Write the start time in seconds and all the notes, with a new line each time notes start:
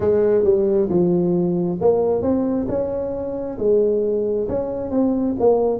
0.00 G#3
0.44 G3
0.89 F3
1.80 A#3
2.21 C4
2.68 C#4
3.58 G#3
4.48 C#4
4.91 C4
5.39 A#3